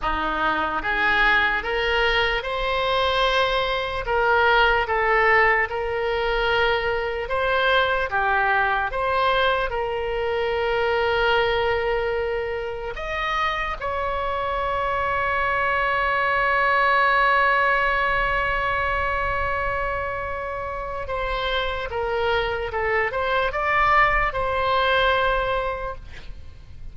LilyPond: \new Staff \with { instrumentName = "oboe" } { \time 4/4 \tempo 4 = 74 dis'4 gis'4 ais'4 c''4~ | c''4 ais'4 a'4 ais'4~ | ais'4 c''4 g'4 c''4 | ais'1 |
dis''4 cis''2.~ | cis''1~ | cis''2 c''4 ais'4 | a'8 c''8 d''4 c''2 | }